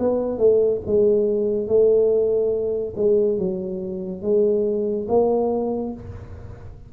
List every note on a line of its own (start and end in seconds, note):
0.00 0.38 B3
0.38 0.81 A3
0.86 1.68 G#3
1.68 2.95 A3
2.97 3.38 G#3
3.38 4.22 F#3
4.22 5.07 G#3
5.09 5.93 A#3